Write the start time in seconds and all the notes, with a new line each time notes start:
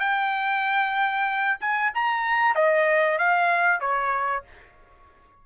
0.00 G5
1.61 G#5
1.95 A#5
2.56 D#5
3.19 F5
3.81 C#5